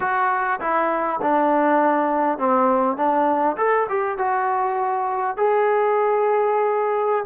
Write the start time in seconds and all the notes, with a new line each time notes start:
0.00 F#4
0.60 E4
1.22 D4
2.38 C4
2.96 D4
3.57 A4
3.89 G4
4.17 F#4
5.36 G#4